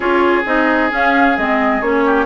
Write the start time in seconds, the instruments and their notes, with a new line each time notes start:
0.00 bassoon C#4, clarinet F4, oboe G#4, flute C#5
0.45 bassoon C4, clarinet D#4, flute D#5
0.90 clarinet C#4, bassoon C#4, flute F5
1.37 bassoon G#3, clarinet C4, flute D#5
1.81 bassoon A#3, clarinet C#4, flute C#5
2.05 oboe G4